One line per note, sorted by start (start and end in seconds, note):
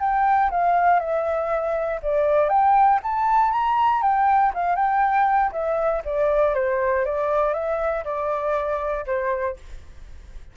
0.00 0.50 G5
0.51 1.00 F5
1.00 2.01 E5
2.03 2.50 D5
2.50 3.00 G5
3.03 3.52 A5
3.52 4.03 A#5
4.03 4.53 G5
4.55 4.76 F5
4.76 5.52 G5
5.53 6.03 E5
6.05 6.55 D5
6.55 7.06 C5
7.06 7.54 D5
7.54 8.05 E5
8.05 9.06 D5
9.07 9.57 C5